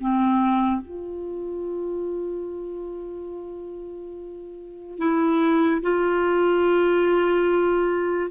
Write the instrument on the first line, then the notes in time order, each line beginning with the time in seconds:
clarinet
0.00 C4
0.82 F4
4.98 E4
5.82 F4